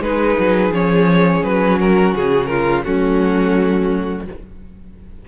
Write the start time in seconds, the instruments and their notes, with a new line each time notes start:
0.00 cello G#3, viola D#4, violin G#4 B4
0.39 cello F#3
0.70 cello F3, viola C#4, violin C#5
1.44 cello F#3, violin B4
1.79 violin F#4 A#4
2.15 cello C#3, violin G#4
2.46 violin F4 A#4
2.84 cello F#3, viola A3, violin C#4 F#4